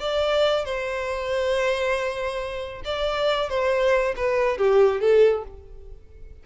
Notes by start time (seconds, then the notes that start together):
0.00 D5
0.65 C5
2.85 D5
3.50 C5
4.16 B4
4.58 G4
5.01 A4